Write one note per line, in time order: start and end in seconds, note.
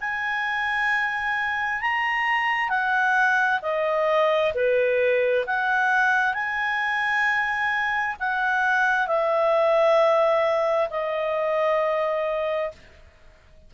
0.00 1.81 G#5
1.81 2.69 A#5
2.69 3.60 F#5
3.62 4.52 D#5
4.54 5.45 B4
5.46 6.33 F#5
6.33 8.15 G#5
8.19 9.07 F#5
9.07 10.88 E5
10.89 12.71 D#5